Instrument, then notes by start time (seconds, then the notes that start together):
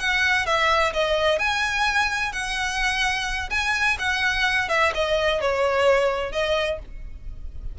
violin
0.00 F#5
0.46 E5
0.94 D#5
1.39 G#5
2.33 F#5
3.51 G#5
3.99 F#5
4.69 E5
4.95 D#5
5.41 C#5
6.32 D#5